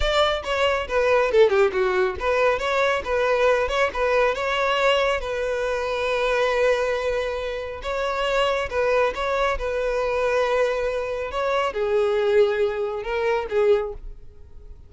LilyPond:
\new Staff \with { instrumentName = "violin" } { \time 4/4 \tempo 4 = 138 d''4 cis''4 b'4 a'8 g'8 | fis'4 b'4 cis''4 b'4~ | b'8 cis''8 b'4 cis''2 | b'1~ |
b'2 cis''2 | b'4 cis''4 b'2~ | b'2 cis''4 gis'4~ | gis'2 ais'4 gis'4 | }